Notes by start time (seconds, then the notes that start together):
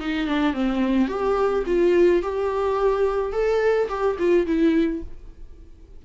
0.00 D#4
0.28 D4
0.54 C4
1.08 G4
1.66 F4
2.23 G4
3.33 A4
3.89 G4
4.19 F4
4.46 E4